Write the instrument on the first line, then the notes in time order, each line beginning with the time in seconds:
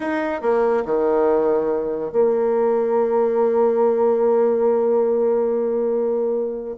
bassoon
0.00 D#4
0.41 A#3
0.85 D#3
2.12 A#3